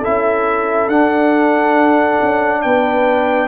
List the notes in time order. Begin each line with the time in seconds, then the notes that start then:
0.00 E4 A4 E5
0.06 C#4
0.88 D4 F#5
2.22 C#4
2.62 B3 B4 G5